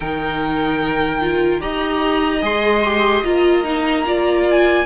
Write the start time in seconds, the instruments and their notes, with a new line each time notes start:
0.00 cello D#3, viola D#4, violin A#4 G5
1.21 viola F4
1.60 cello D#4, viola G4, violin D#5 A#5
2.41 cello G#3, viola G#4, violin C6
2.84 viola G4
3.23 cello A#3, viola F4, violin A#5
3.63 viola D#4
4.04 viola F4, violin D5
4.50 violin G#5